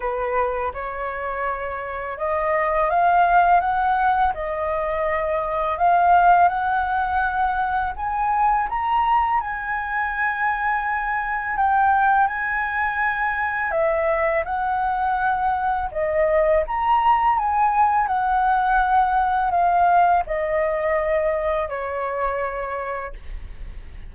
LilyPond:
\new Staff \with { instrumentName = "flute" } { \time 4/4 \tempo 4 = 83 b'4 cis''2 dis''4 | f''4 fis''4 dis''2 | f''4 fis''2 gis''4 | ais''4 gis''2. |
g''4 gis''2 e''4 | fis''2 dis''4 ais''4 | gis''4 fis''2 f''4 | dis''2 cis''2 | }